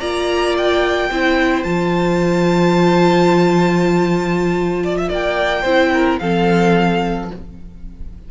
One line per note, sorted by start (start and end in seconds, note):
0.00 1.11 A#3
0.00 1.12 F4
0.00 1.10 D5
0.00 0.56 A#5
0.58 1.64 G5
1.11 1.65 C4
1.11 1.65 E4
1.11 4.84 C5
1.64 5.10 F3
1.64 5.64 F4
1.64 5.08 A5
4.84 4.98 D5
4.98 5.10 E5
5.10 5.65 A#3
5.10 5.62 D5
5.10 6.19 G5
5.62 6.20 C4
5.62 6.21 E4
5.62 5.90 C5
5.94 6.21 A#4
6.19 7.31 F3
6.19 7.31 C4
6.19 7.32 A4
6.19 7.29 F5